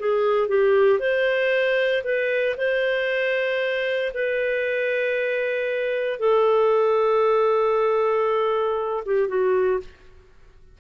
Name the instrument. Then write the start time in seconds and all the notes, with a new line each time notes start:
clarinet
0.00 G#4
0.49 G4
1.00 C5
2.05 B4
2.58 C5
4.14 B4
6.20 A4
9.06 G4
9.29 F#4